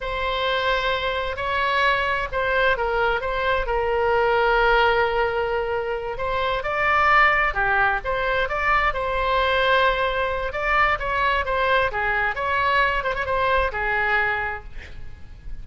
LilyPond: \new Staff \with { instrumentName = "oboe" } { \time 4/4 \tempo 4 = 131 c''2. cis''4~ | cis''4 c''4 ais'4 c''4 | ais'1~ | ais'4. c''4 d''4.~ |
d''8 g'4 c''4 d''4 c''8~ | c''2. d''4 | cis''4 c''4 gis'4 cis''4~ | cis''8 c''16 cis''16 c''4 gis'2 | }